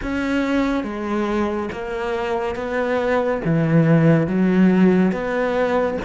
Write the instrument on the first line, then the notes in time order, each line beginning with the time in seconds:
cello
0.02 C#4
0.83 G#3
1.71 A#3
2.55 B3
3.44 E3
4.27 F#3
5.12 B3